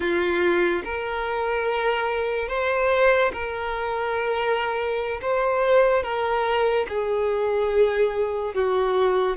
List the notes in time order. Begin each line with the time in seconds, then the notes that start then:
0.00 F4
0.84 A#4
2.48 C5
3.33 A#4
5.21 C5
6.03 A#4
6.88 G#4
8.54 F#4